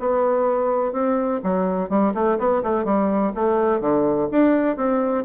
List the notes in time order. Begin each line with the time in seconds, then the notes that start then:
0.00 B3
0.93 C4
1.44 F#3
1.90 G3
2.14 A3
2.39 B3
2.63 A3
2.85 G3
3.35 A3
3.81 D3
4.32 D4
4.77 C4